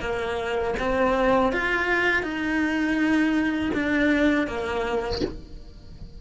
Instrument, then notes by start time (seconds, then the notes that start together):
cello
0.00 A#3
0.79 C4
1.53 F4
2.23 D#4
3.74 D4
4.47 A#3